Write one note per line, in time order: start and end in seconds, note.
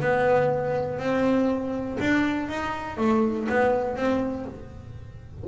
0.00 0.99 B3
0.99 1.98 C4
2.00 2.49 D4
2.49 2.97 D#4
2.97 3.47 A3
3.49 3.96 B3
3.96 4.46 C4